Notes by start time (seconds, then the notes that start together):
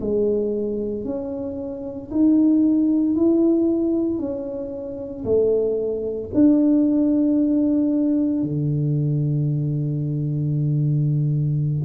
0.00 G#3
1.04 C#4
2.11 D#4
3.15 E4
4.19 C#4
5.24 A3
6.33 D4
8.43 D3